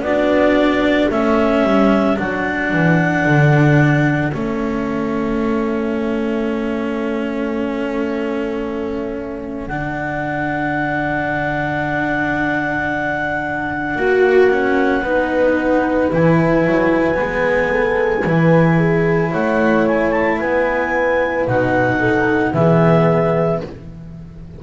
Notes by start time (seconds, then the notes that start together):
0.00 B3 F#4 D5
0.07 D4
1.10 A3 C#4 A4 E5
1.63 G3
2.17 F#3 D4 F#5
2.73 E3
3.26 D3
4.31 A3 C#4 E5
9.67 D3 D4 F#5
13.96 A#3 F#4
14.51 C#4
15.02 B3 D#4 B4
16.11 E3 E4 G#5
16.66 F#3
17.15 B3
17.21 G#3
17.70 A4
18.25 E3 E4 B4
18.77 G#4
19.31 A3 C#5 F#5
19.87 G#5
20.12 A5
20.39 B3 B4 G#5
21.48 B2 D#4 F#5
21.99 A4
22.54 E3 B3 G#4 E5